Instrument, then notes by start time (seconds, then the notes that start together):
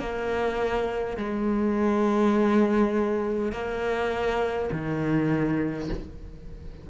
cello
0.00 A#3
1.17 G#3
3.52 A#3
4.72 D#3